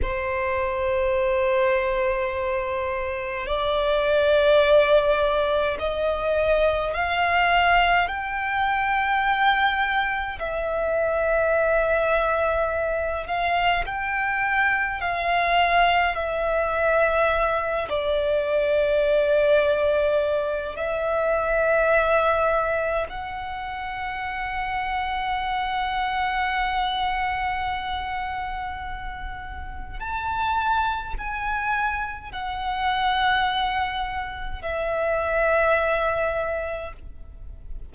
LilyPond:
\new Staff \with { instrumentName = "violin" } { \time 4/4 \tempo 4 = 52 c''2. d''4~ | d''4 dis''4 f''4 g''4~ | g''4 e''2~ e''8 f''8 | g''4 f''4 e''4. d''8~ |
d''2 e''2 | fis''1~ | fis''2 a''4 gis''4 | fis''2 e''2 | }